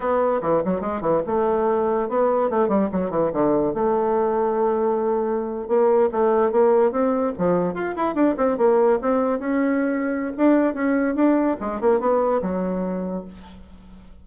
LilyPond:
\new Staff \with { instrumentName = "bassoon" } { \time 4/4 \tempo 4 = 145 b4 e8 fis8 gis8 e8 a4~ | a4 b4 a8 g8 fis8 e8 | d4 a2.~ | a4.~ a16 ais4 a4 ais16~ |
ais8. c'4 f4 f'8 e'8 d'16~ | d'16 c'8 ais4 c'4 cis'4~ cis'16~ | cis'4 d'4 cis'4 d'4 | gis8 ais8 b4 fis2 | }